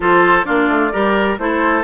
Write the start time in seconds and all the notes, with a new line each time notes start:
0.00 F3 F4 A4 C5
0.44 A#3 D4 F4 D5
0.68 A3
0.92 G3 G4 A#4
1.38 A3 E4 A4 C5